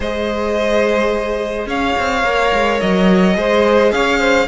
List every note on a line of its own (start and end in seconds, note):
0.00 1.66 G#3
0.00 2.24 G#4
0.00 1.68 C5
0.00 1.69 D#5
1.66 1.94 C#4
1.66 3.36 C#5
1.66 2.80 F5
1.98 2.23 C4
2.23 2.51 A#3
2.23 3.34 A#4
2.52 2.80 G#3
2.80 3.36 F#3
2.80 3.91 D#5
3.34 3.91 G#3
3.34 4.47 G#4
3.34 3.93 C5
3.91 4.48 C#4
3.91 4.19 C#5
3.91 4.48 F5
4.19 4.47 C5